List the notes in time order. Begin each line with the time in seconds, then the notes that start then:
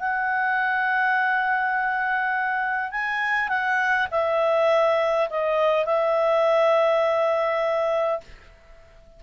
0.00 F#5
2.92 G#5
3.49 F#5
4.11 E5
5.30 D#5
5.86 E5